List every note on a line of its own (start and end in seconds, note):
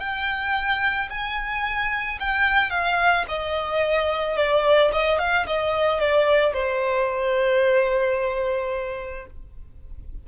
0.00 1.09 G5
1.10 2.19 G#5
2.20 2.70 G5
2.70 3.25 F5
3.28 4.37 D#5
4.37 4.91 D5
4.92 5.19 D#5
5.19 5.46 F5
5.46 6.00 D#5
6.00 6.54 D5
6.54 9.26 C5